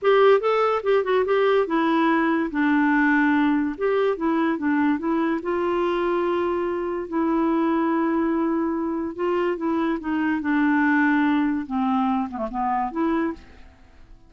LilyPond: \new Staff \with { instrumentName = "clarinet" } { \time 4/4 \tempo 4 = 144 g'4 a'4 g'8 fis'8 g'4 | e'2 d'2~ | d'4 g'4 e'4 d'4 | e'4 f'2.~ |
f'4 e'2.~ | e'2 f'4 e'4 | dis'4 d'2. | c'4. b16 a16 b4 e'4 | }